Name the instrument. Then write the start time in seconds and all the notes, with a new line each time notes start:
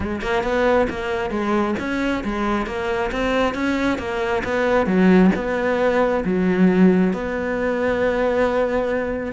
cello
0.00 G#3
0.21 A#3
0.43 B3
0.89 A#3
1.30 G#3
1.79 C#4
2.24 G#3
2.66 A#3
3.11 C4
3.54 C#4
3.98 A#3
4.44 B3
4.86 F#3
5.35 B3
6.24 F#3
7.13 B3